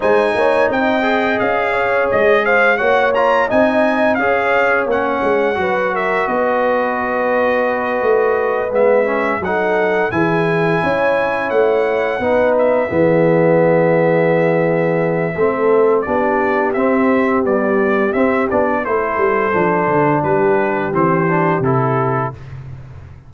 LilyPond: <<
  \new Staff \with { instrumentName = "trumpet" } { \time 4/4 \tempo 4 = 86 gis''4 g''4 f''4 dis''8 f''8 | fis''8 ais''8 gis''4 f''4 fis''4~ | fis''8 e''8 dis''2.~ | dis''8 e''4 fis''4 gis''4.~ |
gis''8 fis''4. e''2~ | e''2. d''4 | e''4 d''4 e''8 d''8 c''4~ | c''4 b'4 c''4 a'4 | }
  \new Staff \with { instrumentName = "horn" } { \time 4/4 c''8 cis''8 dis''4. cis''4 c''8 | cis''4 dis''4 cis''2 | b'8 ais'8 b'2.~ | b'4. a'4 gis'4 cis''8~ |
cis''4. b'4 gis'4.~ | gis'2 a'4 g'4~ | g'2. a'4~ | a'4 g'2. | }
  \new Staff \with { instrumentName = "trombone" } { \time 4/4 dis'4. gis'2~ gis'8 | fis'8 f'8 dis'4 gis'4 cis'4 | fis'1~ | fis'8 b8 cis'8 dis'4 e'4.~ |
e'4. dis'4 b4.~ | b2 c'4 d'4 | c'4 g4 c'8 d'8 e'4 | d'2 c'8 d'8 e'4 | }
  \new Staff \with { instrumentName = "tuba" } { \time 4/4 gis8 ais8 c'4 cis'4 gis4 | ais4 c'4 cis'4 ais8 gis8 | fis4 b2~ b8 a8~ | a8 gis4 fis4 e4 cis'8~ |
cis'8 a4 b4 e4.~ | e2 a4 b4 | c'4 b4 c'8 b8 a8 g8 | f8 d8 g4 e4 c4 | }
>>